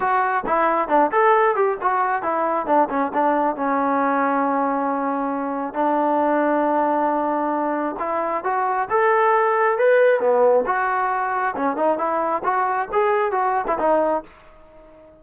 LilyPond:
\new Staff \with { instrumentName = "trombone" } { \time 4/4 \tempo 4 = 135 fis'4 e'4 d'8 a'4 g'8 | fis'4 e'4 d'8 cis'8 d'4 | cis'1~ | cis'4 d'2.~ |
d'2 e'4 fis'4 | a'2 b'4 b4 | fis'2 cis'8 dis'8 e'4 | fis'4 gis'4 fis'8. e'16 dis'4 | }